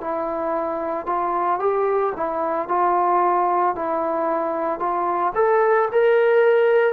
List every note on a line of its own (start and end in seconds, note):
0.00 1.06 E4
1.06 1.59 F4
1.59 2.13 G4
2.16 2.68 E4
2.68 3.75 F4
3.75 4.79 E4
4.79 5.33 F4
5.35 5.88 A4
5.92 6.93 A#4